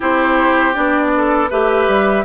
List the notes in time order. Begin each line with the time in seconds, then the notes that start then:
0.00 C4 E4 G4 C5
0.73 B3 D4 D5
1.17 A4
1.50 A3 G4 B4 E5
1.87 G3